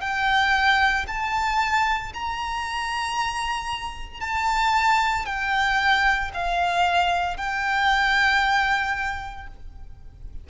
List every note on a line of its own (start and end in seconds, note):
0.00 1.05 G5
1.07 2.12 A5
2.13 4.20 A#5
4.20 5.25 A5
5.25 6.31 G5
6.33 7.36 F5
7.36 9.47 G5